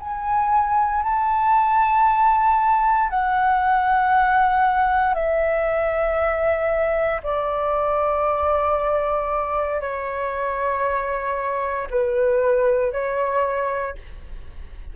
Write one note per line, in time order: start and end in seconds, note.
0.00 1.03 G#5
1.03 3.10 A5
3.10 5.14 F#5
5.14 7.21 E5
7.24 9.81 D5
9.81 11.88 C#5
11.91 12.93 B4
12.93 13.96 C#5